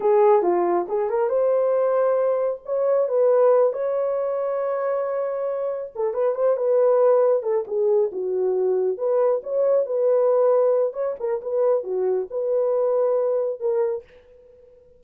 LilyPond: \new Staff \with { instrumentName = "horn" } { \time 4/4 \tempo 4 = 137 gis'4 f'4 gis'8 ais'8 c''4~ | c''2 cis''4 b'4~ | b'8 cis''2.~ cis''8~ | cis''4. a'8 b'8 c''8 b'4~ |
b'4 a'8 gis'4 fis'4.~ | fis'8 b'4 cis''4 b'4.~ | b'4 cis''8 ais'8 b'4 fis'4 | b'2. ais'4 | }